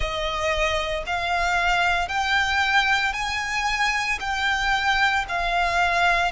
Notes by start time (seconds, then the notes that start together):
0.00 D#5
1.06 F5
2.08 G5
3.13 G#5
4.20 G5
5.28 F5